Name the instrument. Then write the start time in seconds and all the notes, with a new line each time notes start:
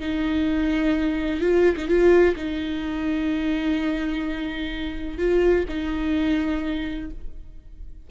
viola
0.00 D#4
1.41 F4
1.77 D#4
1.88 F4
2.36 D#4
5.18 F4
5.69 D#4